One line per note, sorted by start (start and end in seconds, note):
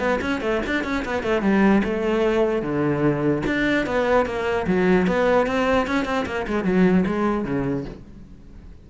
0.00 0.20 B3
0.22 0.42 C#4
0.42 0.62 A3
0.67 0.84 D4
0.84 1.05 C#4
1.06 1.24 B3
1.24 1.42 A3
1.42 1.82 G3
1.84 2.63 A3
2.63 3.43 D3
3.47 3.87 D4
3.87 4.26 B3
4.26 4.67 A#3
4.68 5.07 F#3
5.07 5.47 B3
5.47 5.87 C4
5.87 6.06 C#4
6.06 6.26 C4
6.27 6.47 A#3
6.48 6.65 G#3
6.65 7.05 F#3
7.07 7.45 G#3
7.45 7.86 C#3